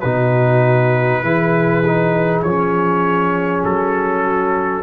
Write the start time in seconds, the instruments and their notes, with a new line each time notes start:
0.00 tuba B2, trombone D#4, horn F#4, trumpet B4
1.22 tuba E3, trombone E4, horn G#4
1.86 trombone D#4
2.42 tuba F3, trombone C#4, trumpet C#5
3.64 tuba F#3, trumpet A4
4.24 horn F#4